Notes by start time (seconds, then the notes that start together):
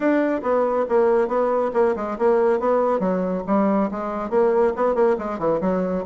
0.00 D4
0.42 B3
0.88 A#3
1.28 B3
1.73 A#3
1.95 G#3
2.18 A#3
2.59 B3
2.99 F#3
3.46 G3
3.91 G#3
4.30 A#3
4.76 B3
4.94 A#3
5.18 G#3
5.38 E3
5.60 F#3